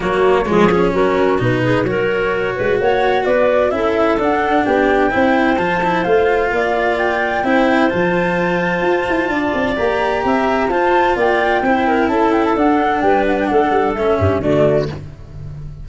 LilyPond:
<<
  \new Staff \with { instrumentName = "flute" } { \time 4/4 \tempo 4 = 129 cis''2 ais'4 b'4 | cis''2 fis''4 d''4 | e''4 fis''4 g''2 | a''4 f''2 g''4~ |
g''4 a''2.~ | a''4 ais''2 a''4 | g''2 a''8 g''16 a''16 fis''4 | g''8 fis''16 g''16 fis''4 e''4 d''4 | }
  \new Staff \with { instrumentName = "clarinet" } { \time 4/4 fis'4 gis'4 fis'4. gis'8 | ais'4. b'8 cis''4 b'4 | a'2 g'4 c''4~ | c''2 d''2 |
c''1 | d''2 e''4 c''4 | d''4 c''8 ais'8 a'2 | b'4 a'4. g'8 fis'4 | }
  \new Staff \with { instrumentName = "cello" } { \time 4/4 ais4 gis8 cis'4. dis'4 | fis'1 | e'4 d'2 e'4 | f'8 e'8 f'2. |
e'4 f'2.~ | f'4 g'2 f'4~ | f'4 e'2 d'4~ | d'2 cis'4 a4 | }
  \new Staff \with { instrumentName = "tuba" } { \time 4/4 fis4 f4 fis4 b,4 | fis4. gis8 ais4 b4 | cis'4 d'4 b4 c'4 | f4 a4 ais2 |
c'4 f2 f'8 e'8 | d'8 c'8 ais4 c'4 f'4 | ais4 c'4 cis'4 d'4 | g4 a8 g8 a8 g,8 d4 | }
>>